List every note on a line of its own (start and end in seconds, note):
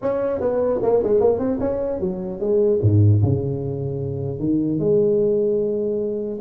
0.01 0.40 C#4
0.40 0.80 B3
0.82 1.02 A#3
1.03 1.20 G#3
1.20 1.39 A#3
1.39 1.59 C4
1.60 2.00 C#4
2.00 2.39 F#3
2.39 2.79 G#3
2.82 3.22 G#2
3.22 4.39 C#3
4.39 4.79 D#3
4.79 6.39 G#3